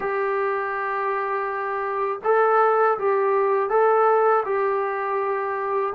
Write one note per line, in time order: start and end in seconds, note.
0.00 2.19 G4
2.24 2.98 A4
2.98 3.69 G4
3.69 4.43 A4
4.45 5.93 G4